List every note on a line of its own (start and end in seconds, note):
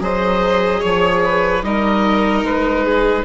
0.00 0.81 F#3
0.00 1.62 G#4
0.00 0.80 C5
0.00 0.84 D#5
0.80 1.63 F3
0.80 1.20 C#5
0.80 1.63 C#5
1.24 1.65 B4
1.63 2.43 G3
1.63 3.25 D#4
1.63 2.84 A#4
1.63 2.44 D#5
2.43 3.24 G#3
2.43 3.25 B4
2.84 3.25 G#4